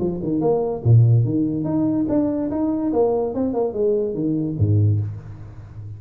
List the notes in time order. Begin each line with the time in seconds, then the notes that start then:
0.00 F3
0.23 D#3
0.41 A#3
0.84 A#2
1.25 D#3
1.65 D#4
2.09 D4
2.51 D#4
2.93 A#3
3.35 C4
3.54 A#3
3.74 G#3
4.15 D#3
4.59 G#2